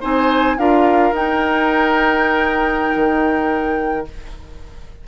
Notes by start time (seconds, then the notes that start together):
0.00 C4 D#4 C5 G#5
0.57 D4 F4 A#4 F5
1.12 D#4 G5
2.95 D#3